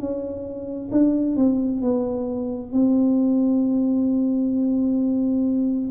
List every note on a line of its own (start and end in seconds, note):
0.00 0.91 C#4
0.92 1.37 D4
1.37 1.82 C4
1.82 2.73 B3
2.73 5.91 C4